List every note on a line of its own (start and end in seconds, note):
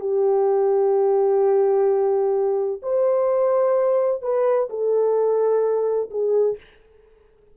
0.00 2.81 G4
2.83 4.22 C5
4.22 4.69 B4
4.69 6.10 A4
6.10 6.57 G#4